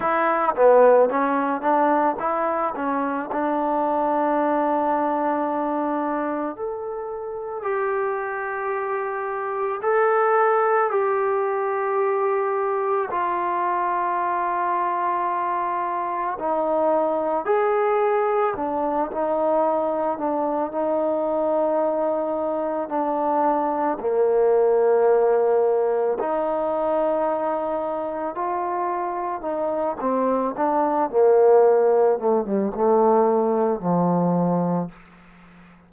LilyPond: \new Staff \with { instrumentName = "trombone" } { \time 4/4 \tempo 4 = 55 e'8 b8 cis'8 d'8 e'8 cis'8 d'4~ | d'2 a'4 g'4~ | g'4 a'4 g'2 | f'2. dis'4 |
gis'4 d'8 dis'4 d'8 dis'4~ | dis'4 d'4 ais2 | dis'2 f'4 dis'8 c'8 | d'8 ais4 a16 g16 a4 f4 | }